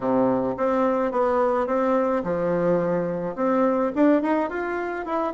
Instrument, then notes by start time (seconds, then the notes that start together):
bassoon
0.00 C3
0.57 C4
1.11 B3
1.66 C4
2.23 F3
3.35 C4
3.95 D4
4.22 D#4
4.49 F4
5.05 E4